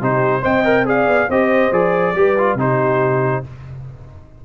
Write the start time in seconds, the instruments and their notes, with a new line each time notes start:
0.00 tuba C3, trombone D#4, horn G4, trumpet C5
0.42 tuba C4, trombone C5, horn D#5, trumpet G5
0.64 trombone A#4
0.85 trombone G#4, horn D5, trumpet F5
1.07 tuba B3
1.29 tuba C4, trombone G4, horn C5, trumpet D#5
1.71 tuba F3, trombone G#4, trumpet D5
2.15 tuba G3, trombone G4, horn B4
2.38 trombone F4
2.55 tuba C3, trombone D#4, horn G4, trumpet C5